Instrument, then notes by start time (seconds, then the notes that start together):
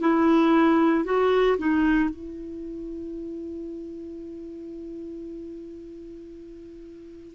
clarinet
0.00 E4
1.04 F#4
1.57 D#4
2.10 E4